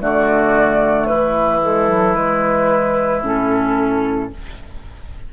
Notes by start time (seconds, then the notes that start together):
0.00 D3 A3 F#4 D5
1.06 E3 E4 B4
1.62 G#3 A4
1.87 F#3
2.14 G#3 B4
3.21 A2 C#4 A4